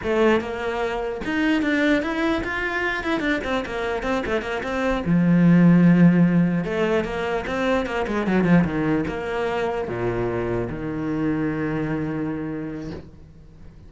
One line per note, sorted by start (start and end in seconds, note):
0.03 0.40 A3
0.40 1.21 A#3
1.24 1.62 D#4
1.62 2.02 D4
2.02 2.42 E4
2.44 3.03 F4
3.03 3.19 E4
3.19 3.40 D4
3.44 3.64 C4
3.65 4.03 A#3
4.03 4.23 C4
4.26 4.41 A3
4.41 4.61 A#3
4.63 5.03 C4
5.05 6.64 F3
6.64 7.04 A3
7.04 7.44 A#3
7.46 7.85 C4
7.85 8.06 A#3
8.07 8.26 G#3
8.26 8.44 F#3
8.44 8.64 F3
8.64 9.04 D#3
9.07 9.87 A#3
9.87 10.68 A#2
10.69 12.91 D#3